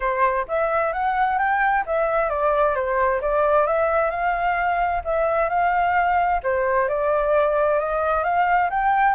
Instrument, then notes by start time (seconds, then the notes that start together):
flute
0.00 C5
0.47 E5
0.92 F#5
1.38 G5
1.85 E5
2.29 D5
2.75 C5
3.21 D5
3.66 E5
4.10 F5
5.04 E5
5.49 F5
6.43 C5
6.88 D5
7.79 D#5
8.23 F5
8.69 G5